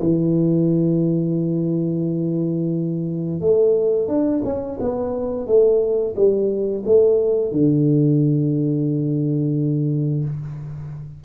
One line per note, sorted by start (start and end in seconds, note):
0.00 3.41 E3
3.41 4.08 A3
4.08 4.42 D4
4.45 4.79 C#4
4.80 5.47 B3
5.47 6.15 A3
6.16 6.84 G3
6.86 7.52 A3
7.52 10.25 D3